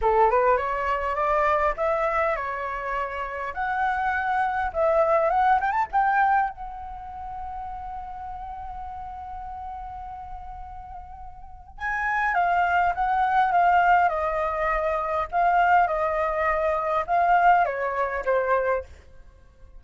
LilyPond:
\new Staff \with { instrumentName = "flute" } { \time 4/4 \tempo 4 = 102 a'8 b'8 cis''4 d''4 e''4 | cis''2 fis''2 | e''4 fis''8 g''16 a''16 g''4 fis''4~ | fis''1~ |
fis''1 | gis''4 f''4 fis''4 f''4 | dis''2 f''4 dis''4~ | dis''4 f''4 cis''4 c''4 | }